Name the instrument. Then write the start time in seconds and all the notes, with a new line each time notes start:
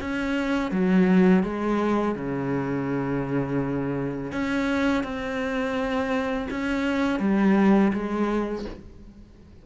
cello
0.00 C#4
0.71 F#3
1.43 G#3
2.15 C#3
4.32 C#4
5.03 C4
6.50 C#4
7.19 G3
7.93 G#3